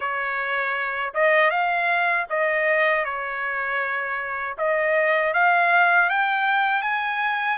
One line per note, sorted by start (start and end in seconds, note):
0.00 1.13 C#5
1.14 1.50 D#5
1.50 2.26 F5
2.29 3.04 D#5
3.04 4.56 C#5
4.57 5.33 D#5
5.33 6.09 F5
6.09 6.81 G5
6.81 7.57 G#5